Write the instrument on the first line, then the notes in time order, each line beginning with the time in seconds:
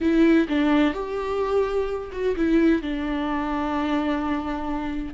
viola
0.00 E4
0.48 D4
0.93 G4
2.11 F#4
2.36 E4
2.82 D4